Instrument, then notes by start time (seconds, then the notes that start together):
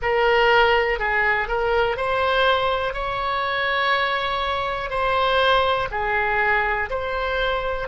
oboe
0.01 A#4
0.99 G#4
1.48 A#4
1.97 C5
2.93 C#5
4.90 C5
5.91 G#4
6.90 C5